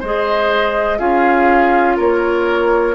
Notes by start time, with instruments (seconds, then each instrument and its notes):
0.00 bassoon G#3, clarinet G#4, oboe C5, flute D#5
0.99 bassoon C#4, clarinet F4, oboe G#4, flute F5
1.97 bassoon A#3, oboe A#4, flute C#5